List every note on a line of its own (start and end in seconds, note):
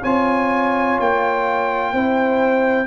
0.00 0.99 C4
0.00 1.95 F4
0.00 1.90 C#5
0.00 0.99 G#5
1.00 1.93 A#3
1.00 2.86 G5
1.92 2.86 C4
1.92 2.86 E4
1.92 2.86 C5